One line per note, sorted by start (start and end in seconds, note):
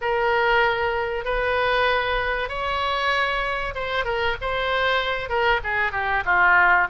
0.01 1.24 A#4
1.24 2.49 B4
2.49 3.74 C#5
3.74 4.05 C5
4.05 4.36 A#4
4.41 5.29 C5
5.29 5.60 A#4
5.63 5.92 G#4
5.92 6.23 G4
6.25 6.88 F4